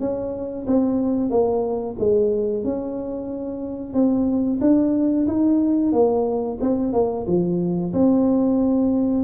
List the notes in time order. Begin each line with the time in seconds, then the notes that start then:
0.00 C#4
0.67 C4
1.30 A#3
1.99 G#3
2.64 C#4
3.94 C4
4.61 D4
5.27 D#4
5.93 A#3
6.61 C4
6.93 A#3
7.27 F3
7.93 C4